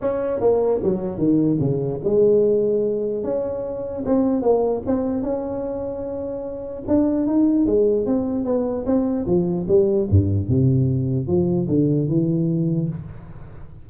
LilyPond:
\new Staff \with { instrumentName = "tuba" } { \time 4/4 \tempo 4 = 149 cis'4 ais4 fis4 dis4 | cis4 gis2. | cis'2 c'4 ais4 | c'4 cis'2.~ |
cis'4 d'4 dis'4 gis4 | c'4 b4 c'4 f4 | g4 g,4 c2 | f4 d4 e2 | }